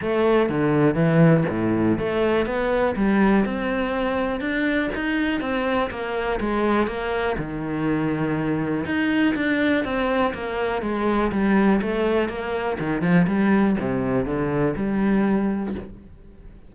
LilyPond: \new Staff \with { instrumentName = "cello" } { \time 4/4 \tempo 4 = 122 a4 d4 e4 a,4 | a4 b4 g4 c'4~ | c'4 d'4 dis'4 c'4 | ais4 gis4 ais4 dis4~ |
dis2 dis'4 d'4 | c'4 ais4 gis4 g4 | a4 ais4 dis8 f8 g4 | c4 d4 g2 | }